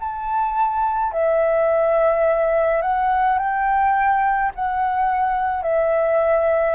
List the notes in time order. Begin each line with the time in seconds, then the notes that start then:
0.00 A5
1.12 E5
2.82 F#5
3.39 G5
4.55 F#5
5.62 E5